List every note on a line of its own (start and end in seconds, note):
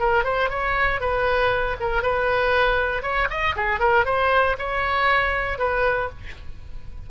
0.00 0.24 A#4
0.24 0.50 C5
0.50 1.01 C#5
1.01 1.77 B4
1.80 2.03 A#4
2.03 3.03 B4
3.03 3.28 C#5
3.30 3.56 D#5
3.56 3.80 G#4
3.80 4.06 A#4
4.06 4.57 C5
4.59 5.59 C#5
5.59 6.10 B4